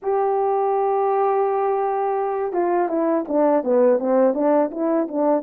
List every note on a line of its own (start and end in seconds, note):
0.02 2.52 G4
2.52 2.88 F4
2.88 3.24 E4
3.28 3.63 D4
3.63 3.99 B3
3.99 4.34 C4
4.34 4.70 D4
4.71 5.07 E4
5.08 5.42 D4